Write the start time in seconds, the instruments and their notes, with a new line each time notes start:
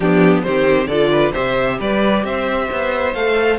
0.00 cello F3, viola B3, violin D4 G4
0.42 cello D#3, viola C4, violin G4 C5
0.87 cello D3, viola F4, violin A4 D5
1.11 violin B4
1.32 cello C3, viola G4, violin C5 E5
1.79 cello G3, violin B4 D5
2.24 cello C4, violin C5 E5
2.70 cello B3
3.14 cello A3, viola A4, violin F5